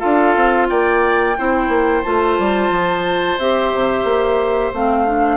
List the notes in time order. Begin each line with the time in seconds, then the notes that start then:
0.00 D4 F4 A4 F5
0.36 C4
0.69 A#3 D5 G5
1.38 C4 E4 C5
1.69 A#3
2.04 A3 F4 A5
2.39 G3
2.70 F3
3.39 C4 G4 E5
3.74 C3
4.04 A#3
4.73 A3 C4 F5
5.07 D4